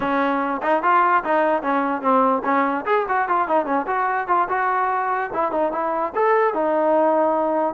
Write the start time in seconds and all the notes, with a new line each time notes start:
0.00 C#4
0.62 D#4
0.83 F4
1.24 D#4
1.62 C#4
2.01 C4
2.44 C#4
2.85 G#4
3.08 F#4
3.28 F4
3.47 D#4
3.65 C#4
3.86 F#4
4.27 F4
4.48 F#4
5.33 E4
5.51 D#4
5.72 E4
6.15 A4
6.54 D#4